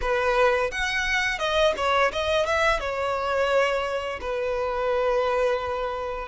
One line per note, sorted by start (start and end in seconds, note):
0.01 0.70 B4
0.71 1.38 F#5
1.38 1.73 D#5
1.76 2.11 C#5
2.12 2.45 D#5
2.45 2.79 E5
2.79 4.19 C#5
4.21 6.28 B4